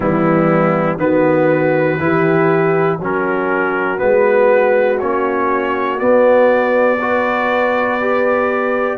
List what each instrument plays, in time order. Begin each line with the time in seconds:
0.00 tuba E3, trombone G3, horn B3, trumpet E4
0.97 tuba D#3, trombone B3, horn F#4, trumpet B4
1.99 tuba E3, trombone E4, horn G4
2.98 tuba F#3, trombone C#4, horn F#4, trumpet A#4
3.98 tuba G#3, trombone B3, trumpet B4
4.99 tuba A#3, trombone C#4, trumpet C#5
5.98 trombone B3, tuba B3, trumpet D5
7.00 trombone F#4, horn B4
8.00 trombone G4